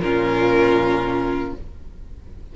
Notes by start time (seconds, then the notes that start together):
0.00 A#2 C#4 F4 A#4